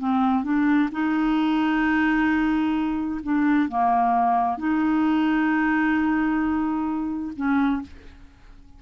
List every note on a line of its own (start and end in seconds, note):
0.00 0.44 C4
0.44 0.90 D4
0.92 3.21 D#4
3.24 3.69 D4
3.69 4.58 A#3
4.58 7.33 D#4
7.37 7.82 C#4